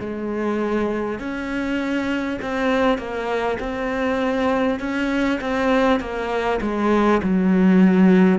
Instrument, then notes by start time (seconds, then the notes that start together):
cello
0.00 G#3
1.19 C#4
2.42 C4
2.98 A#3
3.60 C4
4.79 C#4
5.41 C4
6.00 A#3
6.62 G#3
7.23 F#3